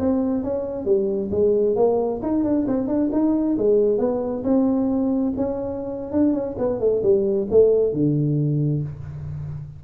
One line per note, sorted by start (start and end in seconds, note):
0.00 0.44 C4
0.44 0.85 C#4
0.85 1.30 G3
1.31 1.76 G#3
1.76 2.21 A#3
2.23 2.44 D#4
2.44 2.67 D4
2.68 2.88 C4
2.88 3.10 D4
3.13 3.58 D#4
3.58 3.99 G#3
3.99 4.44 B3
4.44 5.34 C4
5.37 6.12 C#4
6.12 6.34 D4
6.34 6.56 C#4
6.59 6.80 B3
6.80 7.03 A3
7.03 7.48 G3
7.51 7.93 A3
7.93 8.83 D3